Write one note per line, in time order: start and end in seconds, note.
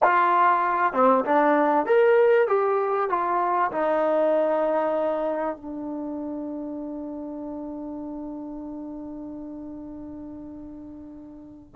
0.03 0.93 F4
0.93 1.24 C4
1.25 1.86 D4
1.86 2.47 A#4
2.47 3.09 G4
3.09 3.71 F4
3.71 5.56 D#4
5.56 11.75 D4